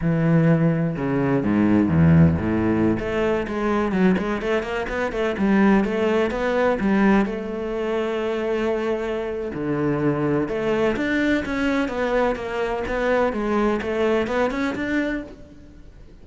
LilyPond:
\new Staff \with { instrumentName = "cello" } { \time 4/4 \tempo 4 = 126 e2 cis4 gis,4 | e,4 a,4~ a,16 a4 gis8.~ | gis16 fis8 gis8 a8 ais8 b8 a8 g8.~ | g16 a4 b4 g4 a8.~ |
a1 | d2 a4 d'4 | cis'4 b4 ais4 b4 | gis4 a4 b8 cis'8 d'4 | }